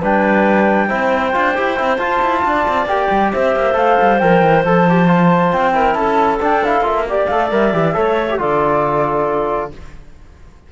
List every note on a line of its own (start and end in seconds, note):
0.00 0.91 G3
0.00 0.89 D4
0.00 0.88 B4
0.00 1.98 G5
0.88 1.35 C4
0.88 1.33 E4
0.88 2.43 C5
1.33 1.58 D4
1.33 1.55 F4
1.55 1.80 E4
1.55 1.77 G4
1.77 1.99 C4
1.77 1.99 E4
1.98 2.21 F4
1.98 2.88 F4
1.98 2.86 A5
2.22 2.44 E4
2.45 2.67 D4
2.45 3.33 D5
2.68 2.86 C4
2.86 3.08 A#3
2.86 3.74 G4
2.86 3.32 G5
3.11 3.33 G3
3.33 3.56 C4
3.33 5.76 C5
3.33 3.77 E5
3.56 3.75 A#3
3.74 3.97 A3
3.74 4.18 A4
3.74 4.19 F5
4.02 4.24 G3
4.19 4.42 F3
4.19 4.66 A#4
4.19 4.63 G5
4.42 4.64 E3
4.65 5.53 F3
4.65 4.88 A4
4.65 5.53 A5
4.90 5.08 G4
5.08 5.74 F4
5.53 5.95 C4
5.53 5.94 G5
5.74 6.40 E4
5.74 5.98 A#4
5.94 6.39 C#4
5.94 7.08 A4
5.94 6.38 A5
6.41 6.63 D4
6.41 6.82 D4
6.41 6.65 G5
6.65 6.84 E4
6.65 6.87 F5
6.82 7.26 A#3
6.82 7.06 F4
6.82 7.09 E5
7.09 7.32 G4
7.09 7.27 D5
7.09 7.96 D5
7.27 7.52 A3
7.27 7.52 A4
7.27 7.49 F5
7.52 7.74 G3
7.52 7.73 A#4
7.52 8.40 E5
7.73 7.96 E3
7.73 7.94 G4
7.94 8.40 A3
7.94 8.27 A4
7.94 8.40 C#5
8.30 8.40 G4
8.40 9.72 D3
8.40 9.72 F4
8.40 9.72 A4
8.40 9.72 D5